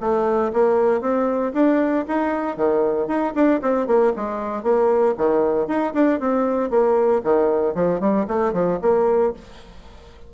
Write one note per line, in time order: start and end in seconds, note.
0.00 0.52 A3
0.53 1.01 A#3
1.01 1.53 C4
1.54 2.05 D4
2.08 2.57 D#4
2.57 3.07 D#3
3.07 3.33 D#4
3.35 3.61 D4
3.62 3.87 C4
3.87 4.13 A#3
4.16 4.63 G#3
4.63 5.15 A#3
5.17 5.68 D#3
5.68 5.93 D#4
5.94 6.20 D4
6.20 6.70 C4
6.70 7.22 A#3
7.24 7.74 D#3
7.74 8.00 F3
8.00 8.26 G3
8.28 8.53 A3
8.53 8.79 F3
8.82 9.33 A#3